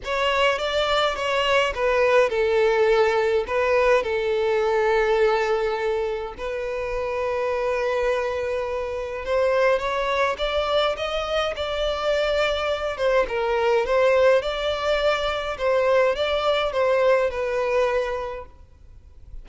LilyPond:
\new Staff \with { instrumentName = "violin" } { \time 4/4 \tempo 4 = 104 cis''4 d''4 cis''4 b'4 | a'2 b'4 a'4~ | a'2. b'4~ | b'1 |
c''4 cis''4 d''4 dis''4 | d''2~ d''8 c''8 ais'4 | c''4 d''2 c''4 | d''4 c''4 b'2 | }